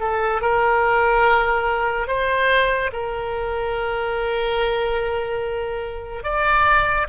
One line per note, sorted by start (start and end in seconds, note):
0.00 0.41 A4
0.41 2.07 A#4
2.07 2.91 C5
2.92 6.23 A#4
6.23 7.07 D5